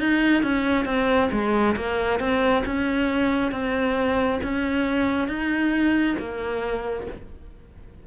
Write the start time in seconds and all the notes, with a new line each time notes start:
0.00 D#4
0.43 C#4
0.86 C4
1.32 G#3
1.77 A#3
2.20 C4
2.66 C#4
3.52 C4
4.44 C#4
5.28 D#4
6.19 A#3